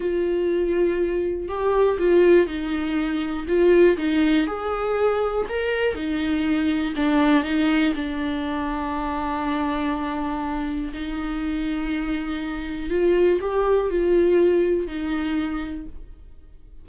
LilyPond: \new Staff \with { instrumentName = "viola" } { \time 4/4 \tempo 4 = 121 f'2. g'4 | f'4 dis'2 f'4 | dis'4 gis'2 ais'4 | dis'2 d'4 dis'4 |
d'1~ | d'2 dis'2~ | dis'2 f'4 g'4 | f'2 dis'2 | }